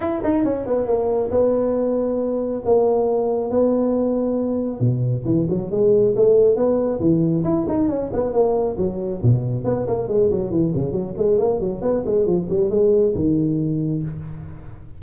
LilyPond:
\new Staff \with { instrumentName = "tuba" } { \time 4/4 \tempo 4 = 137 e'8 dis'8 cis'8 b8 ais4 b4~ | b2 ais2 | b2. b,4 | e8 fis8 gis4 a4 b4 |
e4 e'8 dis'8 cis'8 b8 ais4 | fis4 b,4 b8 ais8 gis8 fis8 | e8 cis8 fis8 gis8 ais8 fis8 b8 gis8 | f8 g8 gis4 dis2 | }